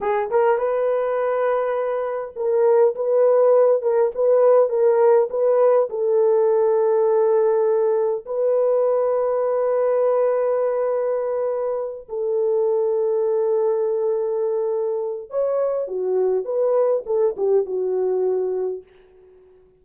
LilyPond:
\new Staff \with { instrumentName = "horn" } { \time 4/4 \tempo 4 = 102 gis'8 ais'8 b'2. | ais'4 b'4. ais'8 b'4 | ais'4 b'4 a'2~ | a'2 b'2~ |
b'1~ | b'8 a'2.~ a'8~ | a'2 cis''4 fis'4 | b'4 a'8 g'8 fis'2 | }